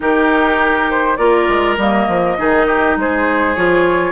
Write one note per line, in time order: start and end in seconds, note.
0.00 1.17 D#3
0.00 1.17 D#4
0.00 1.18 G4
0.00 0.90 A#4
0.90 1.16 C5
1.16 1.47 A#3
1.16 1.77 F4
1.16 2.36 A#4
1.16 1.75 D5
1.48 1.77 G#3
1.77 2.07 G3
1.77 2.38 A#3
1.77 2.98 D#5
2.08 2.37 F3
2.38 2.96 D#3
2.38 3.56 D#4
2.38 2.66 G#4
2.66 2.96 G4
2.96 3.55 G#3
2.96 4.12 G#4
2.96 3.55 C5
3.55 4.12 F3
3.55 4.12 F4
3.55 4.12 C#5